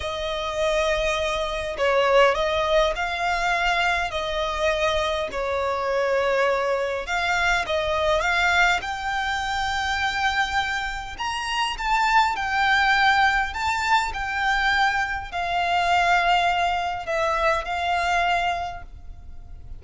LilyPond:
\new Staff \with { instrumentName = "violin" } { \time 4/4 \tempo 4 = 102 dis''2. cis''4 | dis''4 f''2 dis''4~ | dis''4 cis''2. | f''4 dis''4 f''4 g''4~ |
g''2. ais''4 | a''4 g''2 a''4 | g''2 f''2~ | f''4 e''4 f''2 | }